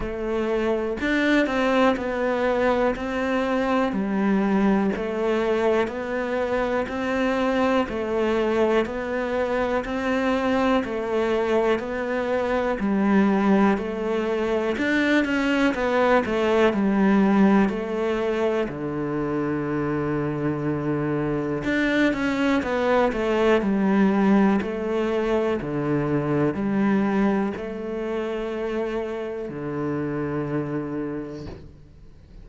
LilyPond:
\new Staff \with { instrumentName = "cello" } { \time 4/4 \tempo 4 = 61 a4 d'8 c'8 b4 c'4 | g4 a4 b4 c'4 | a4 b4 c'4 a4 | b4 g4 a4 d'8 cis'8 |
b8 a8 g4 a4 d4~ | d2 d'8 cis'8 b8 a8 | g4 a4 d4 g4 | a2 d2 | }